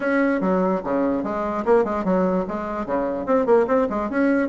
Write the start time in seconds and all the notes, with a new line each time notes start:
0.00 C#4
0.40 F#3
0.83 C#3
1.23 G#3
1.65 A#3
1.84 G#3
2.04 F#3
2.48 G#3
2.86 C#3
3.25 C4
3.46 A#3
3.67 C4
3.89 G#3
4.10 C#4